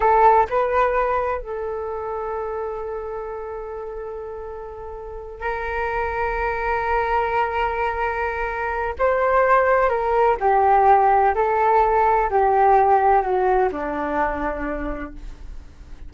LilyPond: \new Staff \with { instrumentName = "flute" } { \time 4/4 \tempo 4 = 127 a'4 b'2 a'4~ | a'1~ | a'2.~ a'8 ais'8~ | ais'1~ |
ais'2. c''4~ | c''4 ais'4 g'2 | a'2 g'2 | fis'4 d'2. | }